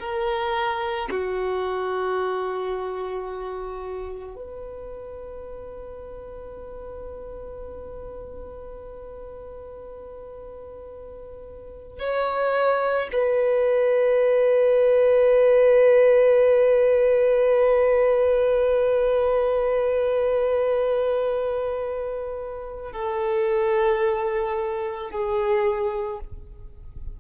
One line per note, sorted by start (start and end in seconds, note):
0.00 1.09 A#4
1.11 4.36 F#4
4.36 12.00 B4
12.00 13.09 C#5
13.13 22.93 B4
22.93 25.11 A4
25.11 26.20 G#4